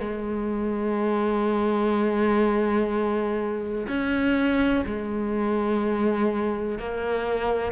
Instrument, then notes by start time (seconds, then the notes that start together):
cello
0.00 G#3
3.88 C#4
4.86 G#3
6.78 A#3